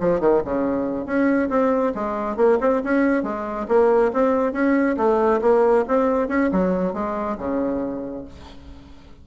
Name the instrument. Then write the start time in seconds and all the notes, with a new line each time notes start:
bassoon
0.00 F3
0.20 D#3
0.44 C#3
1.05 C#4
1.49 C4
1.94 G#3
2.36 A#3
2.60 C4
2.83 C#4
3.23 G#3
3.68 A#3
4.13 C4
4.52 C#4
4.97 A3
5.41 A#3
5.87 C4
6.28 C#4
6.52 F#3
6.93 G#3
7.37 C#3